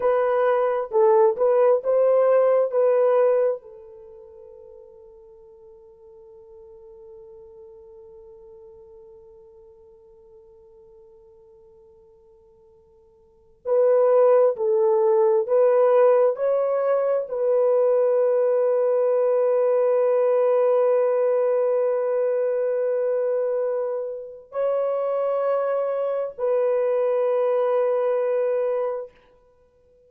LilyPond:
\new Staff \with { instrumentName = "horn" } { \time 4/4 \tempo 4 = 66 b'4 a'8 b'8 c''4 b'4 | a'1~ | a'1~ | a'2. b'4 |
a'4 b'4 cis''4 b'4~ | b'1~ | b'2. cis''4~ | cis''4 b'2. | }